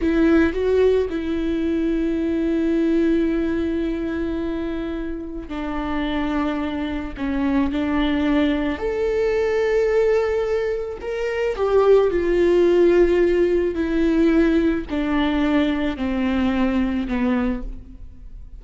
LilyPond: \new Staff \with { instrumentName = "viola" } { \time 4/4 \tempo 4 = 109 e'4 fis'4 e'2~ | e'1~ | e'2 d'2~ | d'4 cis'4 d'2 |
a'1 | ais'4 g'4 f'2~ | f'4 e'2 d'4~ | d'4 c'2 b4 | }